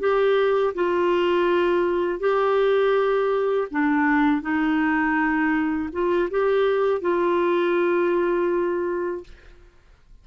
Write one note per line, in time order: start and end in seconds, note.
0.00 0.74 G4
0.75 2.20 F4
2.20 3.68 G4
3.71 4.42 D4
4.42 5.90 D#4
5.93 6.30 F4
6.31 7.02 G4
7.02 9.24 F4